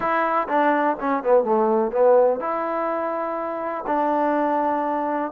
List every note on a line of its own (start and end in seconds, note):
0.00 0.47 E4
0.48 0.97 D4
0.99 1.23 C#4
1.23 1.44 B3
1.44 1.91 A3
1.91 2.40 B3
2.40 3.85 E4
3.86 5.31 D4